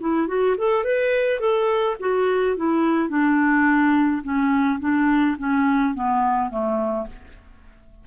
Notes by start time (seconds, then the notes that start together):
0.00 E4
0.28 F#4
0.58 A4
0.84 B4
1.40 A4
2.00 F#4
2.57 E4
3.09 D4
4.23 C#4
4.80 D4
5.39 C#4
5.95 B3
6.50 A3